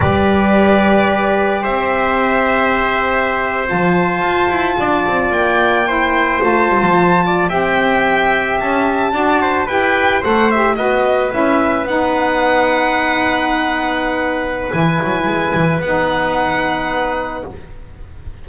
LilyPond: <<
  \new Staff \with { instrumentName = "violin" } { \time 4/4 \tempo 4 = 110 d''2. e''4~ | e''2~ e''8. a''4~ a''16~ | a''4.~ a''16 g''2 a''16~ | a''4.~ a''16 g''2 a''16~ |
a''4.~ a''16 g''4 fis''8 e''8 dis''16~ | dis''8. e''4 fis''2~ fis''16~ | fis''2. gis''4~ | gis''4 fis''2. | }
  \new Staff \with { instrumentName = "trumpet" } { \time 4/4 b'2. c''4~ | c''1~ | c''8. d''2 c''4~ c''16~ | c''4~ c''16 d''8 e''2~ e''16~ |
e''8. d''8 c''8 b'4 c''4 b'16~ | b'1~ | b'1~ | b'1 | }
  \new Staff \with { instrumentName = "saxophone" } { \time 4/4 g'1~ | g'2~ g'8. f'4~ f'16~ | f'2~ f'8. e'4 f'16~ | f'4.~ f'16 g'2~ g'16~ |
g'8. fis'4 g'4 a'8 g'8 fis'16~ | fis'8. e'4 dis'2~ dis'16~ | dis'2. e'4~ | e'4 dis'2. | }
  \new Staff \with { instrumentName = "double bass" } { \time 4/4 g2. c'4~ | c'2~ c'8. f4 f'16~ | f'16 e'8 d'8 c'8 ais2 a16~ | a16 g16 f4~ f16 c'2 cis'16~ |
cis'8. d'4 e'4 a4 b16~ | b8. cis'4 b2~ b16~ | b2. e8 fis8 | gis8 e8 b2. | }
>>